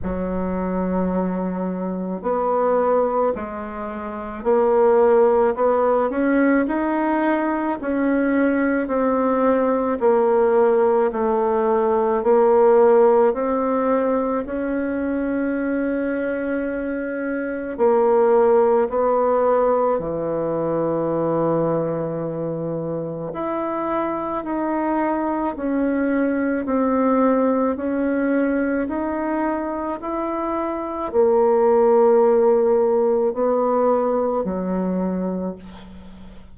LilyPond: \new Staff \with { instrumentName = "bassoon" } { \time 4/4 \tempo 4 = 54 fis2 b4 gis4 | ais4 b8 cis'8 dis'4 cis'4 | c'4 ais4 a4 ais4 | c'4 cis'2. |
ais4 b4 e2~ | e4 e'4 dis'4 cis'4 | c'4 cis'4 dis'4 e'4 | ais2 b4 fis4 | }